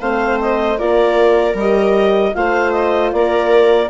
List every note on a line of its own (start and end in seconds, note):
0.00 0.78 A3
0.00 0.78 C4
0.00 0.78 C5
0.00 0.39 F5
0.40 0.78 D#5
0.78 1.54 A#3
0.78 1.56 F4
0.78 2.34 A#4
0.78 1.56 D5
1.54 2.31 G3
1.54 2.35 D#5
1.61 2.34 G4
2.34 3.12 A3
2.34 3.90 F4
2.34 3.14 C5
2.34 2.72 F5
2.72 3.11 D#5
3.12 3.90 A#3
3.12 3.90 A#4
3.12 3.90 D5